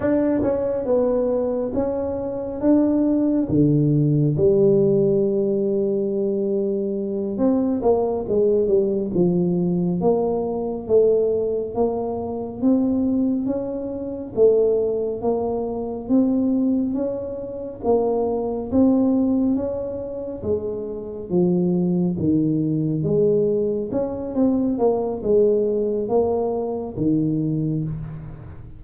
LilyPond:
\new Staff \with { instrumentName = "tuba" } { \time 4/4 \tempo 4 = 69 d'8 cis'8 b4 cis'4 d'4 | d4 g2.~ | g8 c'8 ais8 gis8 g8 f4 ais8~ | ais8 a4 ais4 c'4 cis'8~ |
cis'8 a4 ais4 c'4 cis'8~ | cis'8 ais4 c'4 cis'4 gis8~ | gis8 f4 dis4 gis4 cis'8 | c'8 ais8 gis4 ais4 dis4 | }